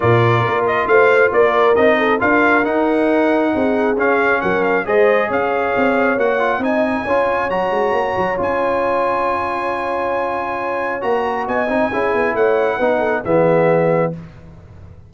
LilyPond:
<<
  \new Staff \with { instrumentName = "trumpet" } { \time 4/4 \tempo 4 = 136 d''4. dis''8 f''4 d''4 | dis''4 f''4 fis''2~ | fis''4 f''4 fis''8 f''8 dis''4 | f''2 fis''4 gis''4~ |
gis''4 ais''2 gis''4~ | gis''1~ | gis''4 ais''4 gis''2 | fis''2 e''2 | }
  \new Staff \with { instrumentName = "horn" } { \time 4/4 ais'2 c''4 ais'4~ | ais'8 a'8 ais'2. | gis'2 ais'4 c''4 | cis''2. dis''4 |
cis''1~ | cis''1~ | cis''2 dis''4 gis'4 | cis''4 b'8 a'8 gis'2 | }
  \new Staff \with { instrumentName = "trombone" } { \time 4/4 f'1 | dis'4 f'4 dis'2~ | dis'4 cis'2 gis'4~ | gis'2 fis'8 f'8 dis'4 |
f'4 fis'2 f'4~ | f'1~ | f'4 fis'4. dis'8 e'4~ | e'4 dis'4 b2 | }
  \new Staff \with { instrumentName = "tuba" } { \time 4/4 ais,4 ais4 a4 ais4 | c'4 d'4 dis'2 | c'4 cis'4 fis4 gis4 | cis'4 c'4 ais4 c'4 |
cis'4 fis8 gis8 ais8 fis8 cis'4~ | cis'1~ | cis'4 ais4 b8 c'8 cis'8 b8 | a4 b4 e2 | }
>>